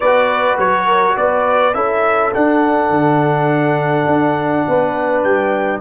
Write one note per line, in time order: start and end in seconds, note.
0.00 0.57 B3
0.00 1.74 F#4
0.00 0.86 B4
0.00 0.57 D5
0.57 1.16 F#3
0.57 1.16 C#5
0.86 1.15 A#4
1.16 1.74 B3
1.16 1.75 B4
1.16 1.74 D5
1.74 2.32 C#4
1.74 2.32 E4
1.74 4.66 A4
1.74 2.32 E5
2.33 5.81 D4
2.33 2.89 D4
2.33 5.23 F#5
2.89 4.06 D3
4.06 4.64 D4
4.67 5.24 B3
4.67 5.81 B4
5.23 5.81 G3
5.23 5.81 G5